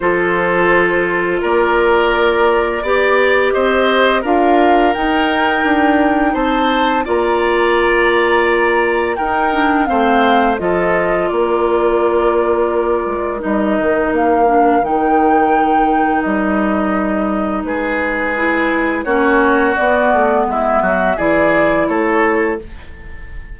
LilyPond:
<<
  \new Staff \with { instrumentName = "flute" } { \time 4/4 \tempo 4 = 85 c''2 d''2~ | d''4 dis''4 f''4 g''4~ | g''4 a''4 ais''2~ | ais''4 g''4 f''4 dis''4 |
d''2. dis''4 | f''4 g''2 dis''4~ | dis''4 b'2 cis''4 | d''4 e''4 d''4 cis''4 | }
  \new Staff \with { instrumentName = "oboe" } { \time 4/4 a'2 ais'2 | d''4 c''4 ais'2~ | ais'4 c''4 d''2~ | d''4 ais'4 c''4 a'4 |
ais'1~ | ais'1~ | ais'4 gis'2 fis'4~ | fis'4 e'8 fis'8 gis'4 a'4 | }
  \new Staff \with { instrumentName = "clarinet" } { \time 4/4 f'1 | g'2 f'4 dis'4~ | dis'2 f'2~ | f'4 dis'8 d'8 c'4 f'4~ |
f'2. dis'4~ | dis'8 d'8 dis'2.~ | dis'2 e'4 cis'4 | b2 e'2 | }
  \new Staff \with { instrumentName = "bassoon" } { \time 4/4 f2 ais2 | b4 c'4 d'4 dis'4 | d'4 c'4 ais2~ | ais4 dis'4 a4 f4 |
ais2~ ais8 gis8 g8 dis8 | ais4 dis2 g4~ | g4 gis2 ais4 | b8 a8 gis8 fis8 e4 a4 | }
>>